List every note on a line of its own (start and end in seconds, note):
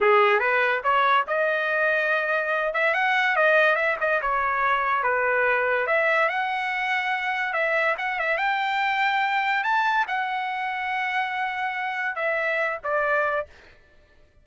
0.01 0.39 G#4
0.39 0.81 B4
0.83 1.25 C#5
1.27 2.73 D#5
2.73 2.94 E5
2.94 3.35 F#5
3.35 3.75 D#5
3.75 3.96 E5
4.00 4.21 D#5
4.21 5.03 C#5
5.03 5.86 B4
5.86 6.28 E5
6.28 7.53 F#5
7.53 7.95 E5
7.98 8.19 F#5
8.19 8.37 E5
8.37 9.63 G5
9.63 10.05 A5
10.07 12.15 F#5
12.15 12.78 E5
12.83 13.46 D5